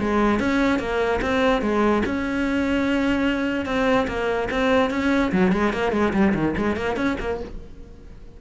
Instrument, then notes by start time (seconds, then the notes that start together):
cello
0.00 G#3
0.40 C#4
0.80 A#3
1.22 C4
1.62 G#3
2.06 C#4
3.66 C4
4.08 A#3
4.51 C4
4.91 C#4
5.32 F#3
5.53 G#3
5.73 A#3
5.93 G#3
6.13 G3
6.35 D#3
6.58 G#3
6.77 A#3
6.97 C#4
7.20 A#3